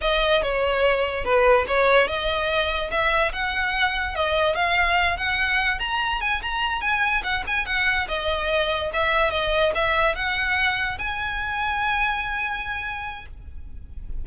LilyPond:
\new Staff \with { instrumentName = "violin" } { \time 4/4 \tempo 4 = 145 dis''4 cis''2 b'4 | cis''4 dis''2 e''4 | fis''2 dis''4 f''4~ | f''8 fis''4. ais''4 gis''8 ais''8~ |
ais''8 gis''4 fis''8 gis''8 fis''4 dis''8~ | dis''4. e''4 dis''4 e''8~ | e''8 fis''2 gis''4.~ | gis''1 | }